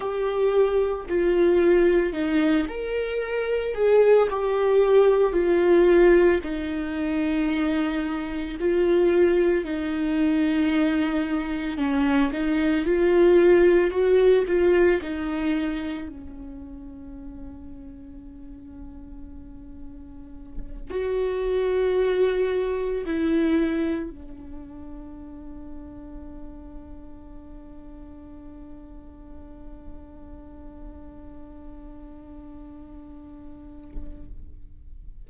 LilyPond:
\new Staff \with { instrumentName = "viola" } { \time 4/4 \tempo 4 = 56 g'4 f'4 dis'8 ais'4 gis'8 | g'4 f'4 dis'2 | f'4 dis'2 cis'8 dis'8 | f'4 fis'8 f'8 dis'4 cis'4~ |
cis'2.~ cis'8 fis'8~ | fis'4. e'4 d'4.~ | d'1~ | d'1 | }